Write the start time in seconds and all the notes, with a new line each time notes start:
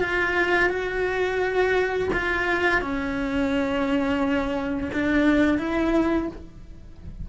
0.00 F4
0.69 F#4
2.13 F4
2.81 C#4
4.93 D4
5.58 E4